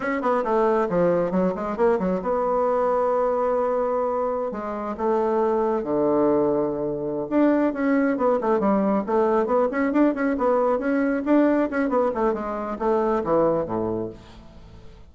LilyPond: \new Staff \with { instrumentName = "bassoon" } { \time 4/4 \tempo 4 = 136 cis'8 b8 a4 f4 fis8 gis8 | ais8 fis8 b2.~ | b2~ b16 gis4 a8.~ | a4~ a16 d2~ d8.~ |
d8 d'4 cis'4 b8 a8 g8~ | g8 a4 b8 cis'8 d'8 cis'8 b8~ | b8 cis'4 d'4 cis'8 b8 a8 | gis4 a4 e4 a,4 | }